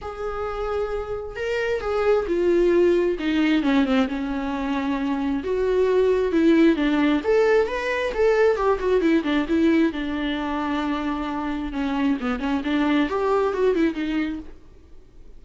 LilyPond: \new Staff \with { instrumentName = "viola" } { \time 4/4 \tempo 4 = 133 gis'2. ais'4 | gis'4 f'2 dis'4 | cis'8 c'8 cis'2. | fis'2 e'4 d'4 |
a'4 b'4 a'4 g'8 fis'8 | e'8 d'8 e'4 d'2~ | d'2 cis'4 b8 cis'8 | d'4 g'4 fis'8 e'8 dis'4 | }